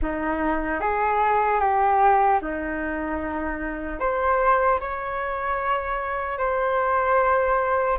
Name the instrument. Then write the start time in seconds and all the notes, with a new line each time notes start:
flute
0.02 D#4
0.80 G#4
1.60 G4
2.41 D#4
3.99 C5
4.80 C#5
6.38 C5